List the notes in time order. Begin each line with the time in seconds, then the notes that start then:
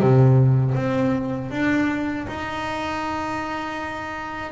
0.00 C3
0.75 C4
1.51 D4
2.28 D#4